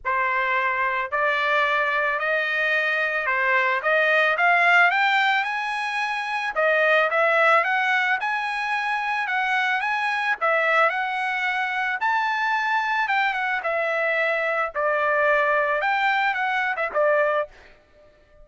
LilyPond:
\new Staff \with { instrumentName = "trumpet" } { \time 4/4 \tempo 4 = 110 c''2 d''2 | dis''2 c''4 dis''4 | f''4 g''4 gis''2 | dis''4 e''4 fis''4 gis''4~ |
gis''4 fis''4 gis''4 e''4 | fis''2 a''2 | g''8 fis''8 e''2 d''4~ | d''4 g''4 fis''8. e''16 d''4 | }